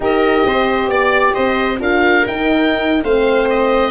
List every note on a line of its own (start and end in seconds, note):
0.00 0.44 D#4
0.00 1.78 G4
0.00 0.47 A#4
0.00 0.90 D#5
0.45 0.87 C4
0.45 0.91 C5
0.87 1.32 B3
0.87 1.33 D5
1.33 1.80 C4
1.33 1.79 C5
1.33 1.79 D#5
1.79 2.25 D4
1.79 2.24 F4
1.79 3.03 A#4
1.79 2.27 F5
2.27 3.03 D#4
2.27 3.05 D#4
2.27 3.03 G5
3.03 3.90 A3
3.03 3.90 C4
3.03 3.90 C5
3.03 3.49 F5
3.49 3.90 D#5